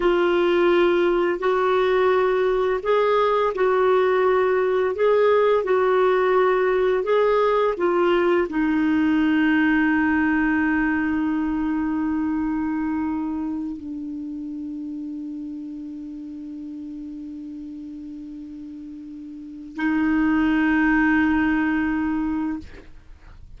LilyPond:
\new Staff \with { instrumentName = "clarinet" } { \time 4/4 \tempo 4 = 85 f'2 fis'2 | gis'4 fis'2 gis'4 | fis'2 gis'4 f'4 | dis'1~ |
dis'2.~ dis'8 d'8~ | d'1~ | d'1 | dis'1 | }